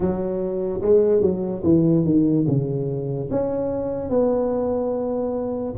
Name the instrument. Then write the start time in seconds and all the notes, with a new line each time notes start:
tuba
0.00 F#3
0.81 G#3
1.21 F#3
1.63 E3
2.04 D#3
2.47 C#3
3.30 C#4
4.09 B3